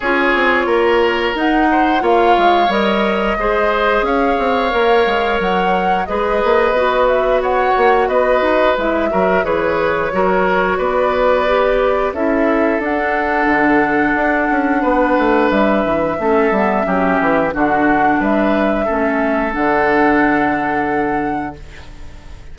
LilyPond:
<<
  \new Staff \with { instrumentName = "flute" } { \time 4/4 \tempo 4 = 89 cis''2 fis''4 f''4 | dis''2 f''2 | fis''4 dis''4. e''8 fis''4 | dis''4 e''4 cis''2 |
d''2 e''4 fis''4~ | fis''2. e''4~ | e''2 fis''4 e''4~ | e''4 fis''2. | }
  \new Staff \with { instrumentName = "oboe" } { \time 4/4 gis'4 ais'4. c''8 cis''4~ | cis''4 c''4 cis''2~ | cis''4 b'2 cis''4 | b'4. ais'8 b'4 ais'4 |
b'2 a'2~ | a'2 b'2 | a'4 g'4 fis'4 b'4 | a'1 | }
  \new Staff \with { instrumentName = "clarinet" } { \time 4/4 f'2 dis'4 f'4 | ais'4 gis'2 ais'4~ | ais'4 gis'4 fis'2~ | fis'4 e'8 fis'8 gis'4 fis'4~ |
fis'4 g'4 e'4 d'4~ | d'1 | cis'8 b8 cis'4 d'2 | cis'4 d'2. | }
  \new Staff \with { instrumentName = "bassoon" } { \time 4/4 cis'8 c'8 ais4 dis'4 ais8 gis8 | g4 gis4 cis'8 c'8 ais8 gis8 | fis4 gis8 ais8 b4. ais8 | b8 dis'8 gis8 fis8 e4 fis4 |
b2 cis'4 d'4 | d4 d'8 cis'8 b8 a8 g8 e8 | a8 g8 fis8 e8 d4 g4 | a4 d2. | }
>>